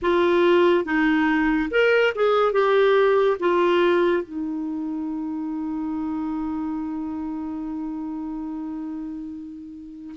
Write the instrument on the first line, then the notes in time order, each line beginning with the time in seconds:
clarinet
0.02 F4
0.85 D#4
1.71 A#4
2.15 G#4
2.52 G4
3.39 F4
4.23 D#4